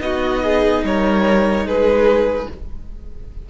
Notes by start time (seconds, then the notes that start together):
0.00 B3 D#4 F#4 D#5
0.43 G#4
0.83 G3 A#4 C#5
1.65 G#3 G#4 B4